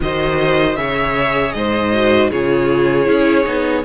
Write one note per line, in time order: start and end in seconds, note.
0.00 0.76 D#3
0.00 0.76 F#4
0.00 0.78 C5
0.00 0.76 D#5
0.76 1.53 C#3
0.76 1.92 G#4
0.76 1.55 C#5
0.76 1.51 E5
1.51 2.31 G#2
1.51 2.30 C5
1.51 2.28 D#5
1.92 2.30 F#4
2.30 3.07 C#3
2.30 3.05 F4
2.30 3.84 G#4
2.30 3.84 C#5
3.05 3.46 C#4
3.05 3.43 E4
3.45 3.84 B3
3.45 3.83 D#4